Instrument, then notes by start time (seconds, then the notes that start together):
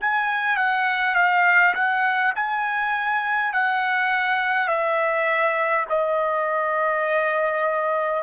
trumpet
0.00 G#5
0.56 F#5
1.15 F5
1.74 F#5
2.35 G#5
3.52 F#5
4.67 E5
5.89 D#5